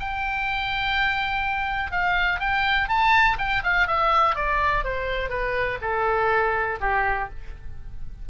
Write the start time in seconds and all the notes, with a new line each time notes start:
0.00 G5
1.91 F5
2.40 G5
2.89 A5
3.38 G5
3.63 F5
3.87 E5
4.36 D5
4.84 C5
5.30 B4
5.81 A4
6.81 G4